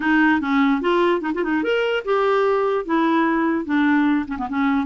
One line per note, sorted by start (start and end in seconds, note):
0.00 0.40 D#4
0.41 0.81 C#4
0.81 1.21 F4
1.21 1.31 D#4
1.34 1.43 F4
1.43 1.63 D#4
1.63 2.03 A#4
2.04 2.85 G4
2.85 3.65 E4
3.65 4.26 D4
4.27 4.37 C#4
4.37 4.48 B3
4.49 4.86 C#4